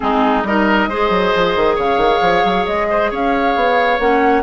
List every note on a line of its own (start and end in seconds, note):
0.00 0.43 G#3
0.00 0.43 C4
0.00 0.47 D#4
0.00 0.43 G#4
0.43 0.87 G3
0.43 0.91 D#4
0.43 0.89 A#4
0.43 1.77 D#5
0.87 1.09 G#3
0.87 4.00 G#4
0.87 1.75 C5
1.09 1.32 F#3
1.34 1.56 F3
1.56 1.78 D#3
1.75 1.97 C#3
1.75 2.86 C#5
1.75 2.66 F5
1.97 2.19 D#3
2.21 2.43 F3
2.44 2.66 F#3
2.66 3.11 G#3
2.66 3.10 D#5
2.90 3.10 C5
3.10 3.55 C#4
3.10 4.43 C#5
3.10 3.99 F5
3.55 3.99 B3
3.99 4.43 A#3
3.99 4.43 C#4
3.99 4.43 F#5